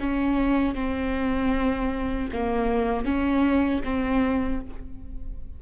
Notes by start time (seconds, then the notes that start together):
0.00 C#4
0.75 C4
2.33 A#3
3.05 C#4
3.84 C4